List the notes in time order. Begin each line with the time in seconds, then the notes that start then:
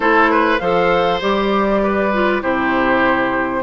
0.00 A3 E4 A4 C5
0.30 B4
0.58 F3 A4 C5 F5
1.21 G3 G4 D5
1.82 B4
2.12 F4
2.41 C3 E4 G4 C5